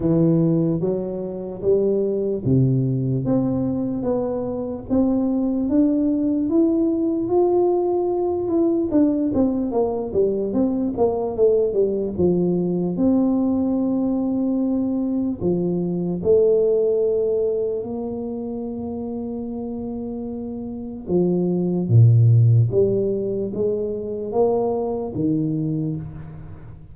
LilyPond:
\new Staff \with { instrumentName = "tuba" } { \time 4/4 \tempo 4 = 74 e4 fis4 g4 c4 | c'4 b4 c'4 d'4 | e'4 f'4. e'8 d'8 c'8 | ais8 g8 c'8 ais8 a8 g8 f4 |
c'2. f4 | a2 ais2~ | ais2 f4 ais,4 | g4 gis4 ais4 dis4 | }